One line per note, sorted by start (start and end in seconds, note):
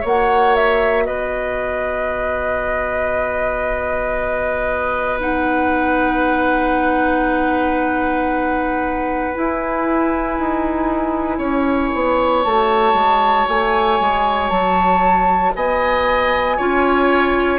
0.00 1.07 A#3
0.00 5.19 F#4
0.00 1.03 C#5
0.00 0.55 F#5
0.55 1.05 E5
1.05 9.34 B3
1.05 11.38 B4
1.05 5.19 D#5
5.19 9.33 D#4
5.19 9.34 F#5
9.34 12.44 E4
9.34 10.39 E4
9.34 12.43 G#5
10.39 11.38 D#4
11.38 11.90 C#4
11.38 15.52 C#5
11.94 12.45 B3
12.43 12.93 A3
12.43 16.58 F#4
12.43 13.47 A5
12.93 13.45 G#3
13.48 14.00 A3
13.48 14.50 G#5
14.00 14.50 G#3
14.50 15.53 F#3
14.50 15.53 A5
15.55 16.58 B3
15.55 16.57 D#5
15.55 17.58 G#5
16.57 17.58 C#4
16.57 17.58 F4
16.57 17.58 C#5